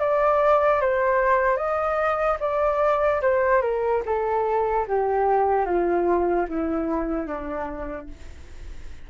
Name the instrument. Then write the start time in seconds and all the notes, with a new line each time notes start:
flute
0.00 D5
0.81 C5
1.57 D#5
2.40 D5
3.22 C5
3.62 A#4
4.06 A4
4.88 G4
5.66 F4
6.49 E4
7.26 D4